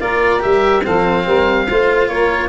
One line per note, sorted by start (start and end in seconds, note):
0.00 0.42 A#3
0.00 0.39 F4
0.00 0.84 A#4
0.00 0.42 D5
0.39 0.86 G3
0.39 0.81 G4
0.39 0.84 E5
0.84 1.27 F3
0.84 1.67 C4
0.84 1.26 A4
0.84 2.08 F5
1.26 1.68 G3
1.26 1.67 A#4
1.69 2.09 A3
1.69 2.49 F4
1.69 2.11 C5
2.08 2.49 A#3
2.08 2.49 A#4
2.08 2.49 C#5